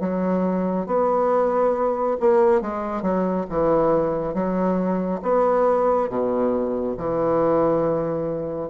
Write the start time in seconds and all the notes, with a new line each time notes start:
0.00 F#3
0.87 B3
2.20 A#3
2.61 G#3
3.02 F#3
3.49 E3
4.34 F#3
5.22 B3
6.09 B2
6.97 E3